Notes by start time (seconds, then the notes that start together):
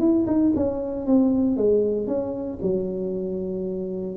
0.00 E4
0.27 D#4
0.56 C#4
1.07 C4
1.57 G#3
2.07 C#4
2.62 F#3